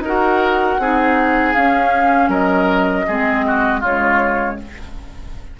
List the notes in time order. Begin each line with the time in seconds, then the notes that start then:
0.00 D#4 A#4
0.06 F#4 F#5
0.79 C4 D#4 G#4
1.53 C#4 F5
2.28 F#3 A#4 D#5
3.07 G#3 C4 G#4
3.47 F#4
3.80 C#3 G#3 F4 C#5